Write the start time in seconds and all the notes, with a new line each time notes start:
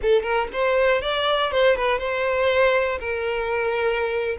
0.02 A4
0.22 A#4
0.53 C5
1.01 D5
1.51 C5
1.75 B4
1.98 C5
2.99 A#4